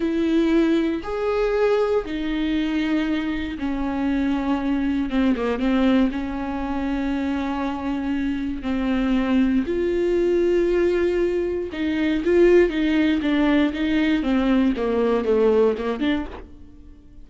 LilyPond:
\new Staff \with { instrumentName = "viola" } { \time 4/4 \tempo 4 = 118 e'2 gis'2 | dis'2. cis'4~ | cis'2 c'8 ais8 c'4 | cis'1~ |
cis'4 c'2 f'4~ | f'2. dis'4 | f'4 dis'4 d'4 dis'4 | c'4 ais4 a4 ais8 d'8 | }